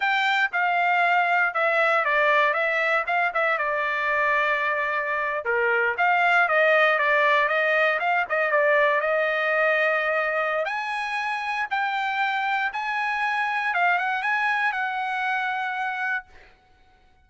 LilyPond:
\new Staff \with { instrumentName = "trumpet" } { \time 4/4 \tempo 4 = 118 g''4 f''2 e''4 | d''4 e''4 f''8 e''8 d''4~ | d''2~ d''8. ais'4 f''16~ | f''8. dis''4 d''4 dis''4 f''16~ |
f''16 dis''8 d''4 dis''2~ dis''16~ | dis''4 gis''2 g''4~ | g''4 gis''2 f''8 fis''8 | gis''4 fis''2. | }